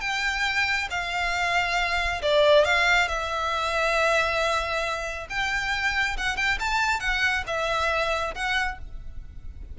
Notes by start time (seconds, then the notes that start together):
0.00 G5
0.90 F5
2.22 D5
2.64 F5
3.08 E5
5.29 G5
6.17 F#5
6.36 G5
6.60 A5
7.00 F#5
7.47 E5
8.35 F#5